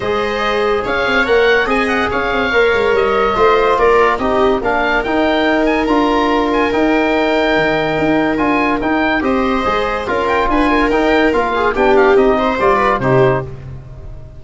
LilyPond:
<<
  \new Staff \with { instrumentName = "oboe" } { \time 4/4 \tempo 4 = 143 dis''2 f''4 fis''4 | gis''8 fis''8 f''2 dis''4~ | dis''4 d''4 dis''4 f''4 | g''4. gis''8 ais''4. gis''8 |
g''1 | gis''4 g''4 dis''2 | f''8 g''8 gis''4 g''4 f''4 | g''8 f''8 dis''4 d''4 c''4 | }
  \new Staff \with { instrumentName = "viola" } { \time 4/4 c''2 cis''2 | dis''4 cis''2. | c''4 ais'4 g'4 ais'4~ | ais'1~ |
ais'1~ | ais'2 c''2 | ais'4 b'8 ais'2 gis'8 | g'4. c''4 b'8 g'4 | }
  \new Staff \with { instrumentName = "trombone" } { \time 4/4 gis'2. ais'4 | gis'2 ais'2 | f'2 dis'4 d'4 | dis'2 f'2 |
dis'1 | f'4 dis'4 g'4 gis'4 | f'2 dis'4 f'4 | d'4 dis'4 f'4 dis'4 | }
  \new Staff \with { instrumentName = "tuba" } { \time 4/4 gis2 cis'8 c'8 ais4 | c'4 cis'8 c'8 ais8 gis8 g4 | a4 ais4 c'4 ais4 | dis'2 d'2 |
dis'2 dis4 dis'4 | d'4 dis'4 c'4 gis4 | cis'4 d'4 dis'4 ais4 | b4 c'4 g4 c4 | }
>>